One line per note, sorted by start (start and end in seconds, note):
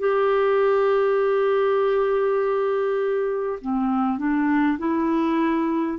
0.00 3.60 G4
3.62 4.19 C4
4.19 4.79 D4
4.79 5.99 E4